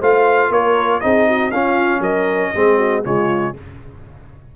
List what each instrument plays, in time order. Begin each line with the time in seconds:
0.00 tuba A3, trombone F4, horn C5, trumpet F5
0.50 tuba A#3, horn A#4, trumpet C#5
1.01 tuba C4, trombone D#4, horn G#4, trumpet D#5
1.28 horn F#4
1.51 tuba C#4, trombone C#4, horn F4, trumpet F5
2.00 tuba F#3, horn A#4, trumpet D#5
2.55 tuba G#3, trombone C4, horn G#4
2.78 horn F#4
3.04 tuba C#3, trombone G#3, horn F4, trumpet C#5